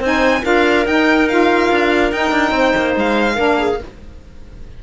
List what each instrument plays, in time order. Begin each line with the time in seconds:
0.00 cello C4, saxophone D#4, clarinet C5, violin G#5
0.43 cello D4, saxophone F4, clarinet A#4, violin F5
0.86 cello D#4, saxophone D#4, violin G5
1.29 saxophone F4, violin F5
1.72 cello D4
2.12 cello D#4, saxophone D#4, violin G5
2.31 cello D4
2.51 cello C4, clarinet C5
2.77 cello A#3
2.96 cello G#3, violin F5
3.35 cello A#3, saxophone D4, clarinet A#4
3.58 clarinet G#4